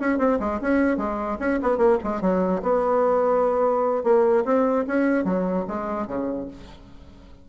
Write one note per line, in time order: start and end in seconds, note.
0.00 0.18 C#4
0.18 0.39 C4
0.40 0.60 G#3
0.61 0.97 C#4
0.97 1.38 G#3
1.39 1.59 C#4
1.62 1.78 B3
1.78 1.98 A#3
2.04 2.21 G#3
2.21 2.62 F#3
2.63 4.04 B3
4.04 4.44 A#3
4.45 4.85 C4
4.87 5.24 C#4
5.24 5.65 F#3
5.68 6.07 G#3
6.07 6.48 C#3